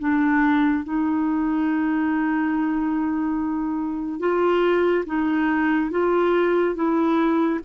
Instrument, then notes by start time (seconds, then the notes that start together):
clarinet
0.00 D4
0.85 D#4
4.20 F4
5.07 D#4
5.92 F4
6.76 E4